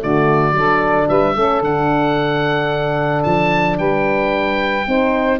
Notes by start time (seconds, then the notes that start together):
0.00 D3 A3 F#4 D5
0.52 F#3 D4 A4
1.08 G3 B4 E5
1.35 A3 C#4 A4
1.60 D3 D4 F#5
3.23 F3 A5
3.78 G3 B4 G5
4.86 C4 D#4 C5